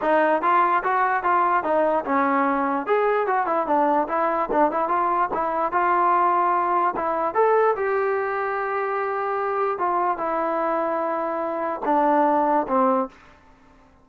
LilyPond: \new Staff \with { instrumentName = "trombone" } { \time 4/4 \tempo 4 = 147 dis'4 f'4 fis'4 f'4 | dis'4 cis'2 gis'4 | fis'8 e'8 d'4 e'4 d'8 e'8 | f'4 e'4 f'2~ |
f'4 e'4 a'4 g'4~ | g'1 | f'4 e'2.~ | e'4 d'2 c'4 | }